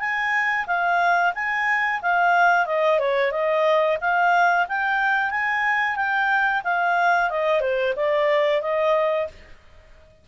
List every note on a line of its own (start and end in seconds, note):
0.00 0.66 G#5
0.67 1.33 F5
1.35 2.01 G#5
2.03 2.66 F5
2.66 2.99 D#5
3.00 3.32 C#5
3.32 3.98 D#5
4.01 4.67 F5
4.69 5.31 G5
5.31 5.96 G#5
5.96 6.62 G5
6.64 7.30 F5
7.30 7.61 D#5
7.61 7.94 C5
7.96 8.62 D5
8.62 9.28 D#5